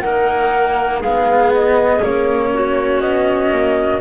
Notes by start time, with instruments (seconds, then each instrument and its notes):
0.00 cello A#3, double bass D#4, clarinet A#4, flute F#5
1.00 double bass G#3, cello B3, clarinet G#4, flute F5
1.54 flute D#5
2.00 double bass A#3, cello C#4, flute C#5
2.54 clarinet F#4
3.01 double bass B3, flute D#5
3.52 double bass A#3